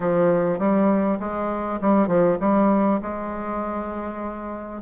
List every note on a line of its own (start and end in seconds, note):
0.00 0.58 F3
0.58 1.18 G3
1.19 1.79 G#3
1.81 2.07 G3
2.07 2.37 F3
2.40 3.00 G3
3.02 4.82 G#3